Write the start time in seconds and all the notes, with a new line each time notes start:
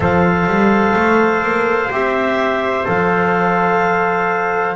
0.00 F3 A4 C5 F5
0.46 G3
0.95 A3
1.42 A#3
1.91 C4 G4 E5
2.85 F3 A4 F5